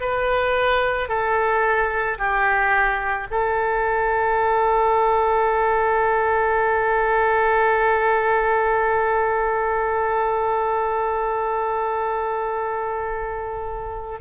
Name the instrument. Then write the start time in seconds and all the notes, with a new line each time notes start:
oboe
0.00 B4
1.08 A4
2.18 G4
3.30 A4